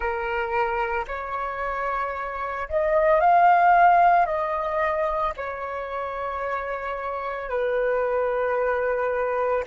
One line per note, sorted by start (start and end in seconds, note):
0.00 1.05 A#4
1.07 2.68 C#5
2.68 3.20 D#5
3.20 4.26 F5
4.26 5.33 D#5
5.36 7.49 C#5
7.49 9.63 B4